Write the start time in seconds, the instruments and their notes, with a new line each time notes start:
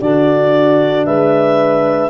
0.00 tuba D3, saxophone D4, horn F#4, clarinet D5
1.05 tuba G#3, horn B4, clarinet E5